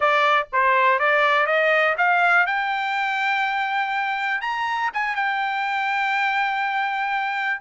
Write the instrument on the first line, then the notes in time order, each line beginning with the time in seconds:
trumpet
0.00 D5
0.52 C5
0.99 D5
1.46 D#5
1.97 F5
2.46 G5
4.41 A#5
4.93 G#5
5.15 G5